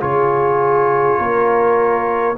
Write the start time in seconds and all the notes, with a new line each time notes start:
0.00 C#3 F4 G#4 C#5
1.19 A#3 A#4